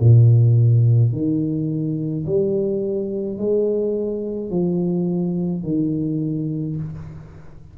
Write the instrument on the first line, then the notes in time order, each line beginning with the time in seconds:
tuba
0.00 A#2
1.12 D#3
2.26 G3
3.38 G#3
4.50 F3
5.63 D#3